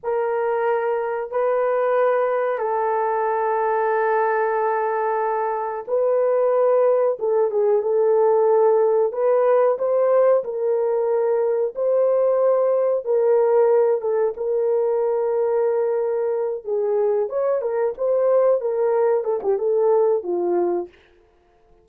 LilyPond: \new Staff \with { instrumentName = "horn" } { \time 4/4 \tempo 4 = 92 ais'2 b'2 | a'1~ | a'4 b'2 a'8 gis'8 | a'2 b'4 c''4 |
ais'2 c''2 | ais'4. a'8 ais'2~ | ais'4. gis'4 cis''8 ais'8 c''8~ | c''8 ais'4 a'16 g'16 a'4 f'4 | }